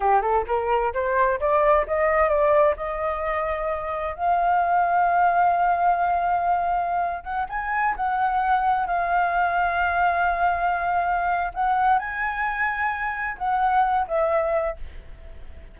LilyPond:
\new Staff \with { instrumentName = "flute" } { \time 4/4 \tempo 4 = 130 g'8 a'8 ais'4 c''4 d''4 | dis''4 d''4 dis''2~ | dis''4 f''2.~ | f''2.~ f''8. fis''16~ |
fis''16 gis''4 fis''2 f''8.~ | f''1~ | f''4 fis''4 gis''2~ | gis''4 fis''4. e''4. | }